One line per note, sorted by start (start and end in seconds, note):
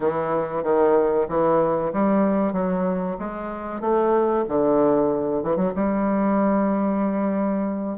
0.00 0.63 E3
0.63 1.27 D#3
1.28 1.92 E3
1.93 2.52 G3
2.52 3.16 F#3
3.18 3.80 G#3
3.80 4.44 A3
4.48 5.43 D3
5.43 5.56 E3
5.56 5.72 F#3
5.75 7.98 G3